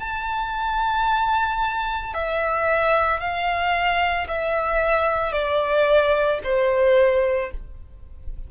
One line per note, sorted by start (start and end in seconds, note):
0.00 2.14 A5
2.14 3.20 E5
3.20 4.28 F5
4.29 5.33 E5
5.33 6.40 D5
6.44 7.51 C5